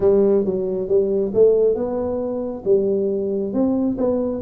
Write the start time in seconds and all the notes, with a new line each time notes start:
0.00 G3
0.45 F#3
0.88 G3
1.34 A3
1.74 B3
2.65 G3
3.53 C4
3.97 B3